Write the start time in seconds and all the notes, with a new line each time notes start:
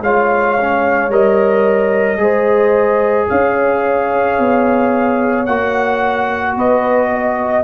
0.00 G#3 F4 C#5 F5
0.61 C#4
1.09 G3 A#4 D#5
2.17 G#3 G#4 C5
3.29 C#4 C#5 F5
4.39 B3
5.46 A#3 F#4 F#5
6.56 B3 B4 D#5
7.13 D#5